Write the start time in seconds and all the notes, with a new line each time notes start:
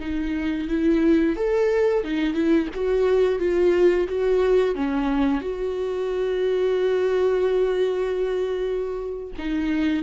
0.00 D#4
0.68 E4
1.36 A4
2.04 D#4
2.34 E4
2.75 F#4
3.39 F4
4.08 F#4
4.75 C#4
5.41 F#4
9.38 D#4